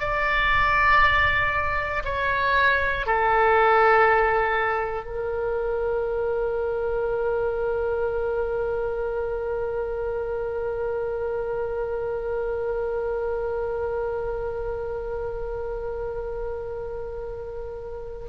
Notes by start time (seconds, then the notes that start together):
0.00 D5
2.05 C#5
3.06 A4
5.05 A#4